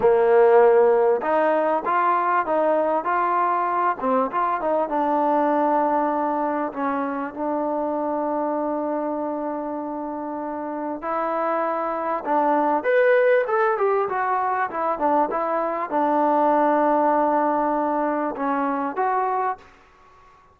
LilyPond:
\new Staff \with { instrumentName = "trombone" } { \time 4/4 \tempo 4 = 98 ais2 dis'4 f'4 | dis'4 f'4. c'8 f'8 dis'8 | d'2. cis'4 | d'1~ |
d'2 e'2 | d'4 b'4 a'8 g'8 fis'4 | e'8 d'8 e'4 d'2~ | d'2 cis'4 fis'4 | }